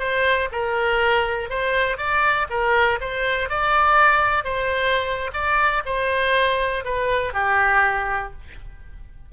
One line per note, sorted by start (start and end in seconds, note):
0.00 0.50 C5
0.52 1.50 A#4
1.50 1.98 C5
1.98 2.47 D5
2.50 3.00 A#4
3.01 3.50 C5
3.50 4.45 D5
4.45 5.31 C5
5.34 5.83 D5
5.86 6.85 C5
6.85 7.34 B4
7.34 8.33 G4